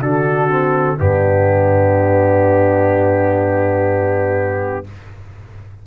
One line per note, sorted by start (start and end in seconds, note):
0.00 0.97 D3
0.00 0.49 D4
0.00 0.97 F#4
0.00 0.98 A4
0.49 0.97 C4
0.97 4.87 G2
0.97 4.84 B3
0.97 4.85 D4
0.97 4.87 G4